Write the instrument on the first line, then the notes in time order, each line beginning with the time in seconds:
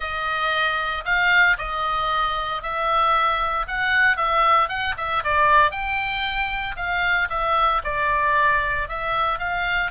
oboe
0.00 D#5
1.05 F5
1.58 D#5
2.62 E5
3.67 F#5
4.16 E5
4.68 F#5
4.97 E5
5.24 D5
5.71 G5
6.76 F5
7.29 E5
7.84 D5
8.88 E5
9.39 F5